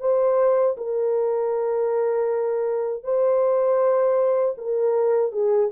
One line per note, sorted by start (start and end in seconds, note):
0.00 0.76 C5
0.77 3.03 A#4
3.03 4.55 C5
4.57 5.32 A#4
5.32 5.70 G#4